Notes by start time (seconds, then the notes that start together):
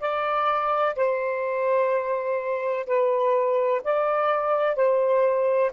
0.00 D5
0.96 C5
2.87 B4
3.84 D5
4.76 C5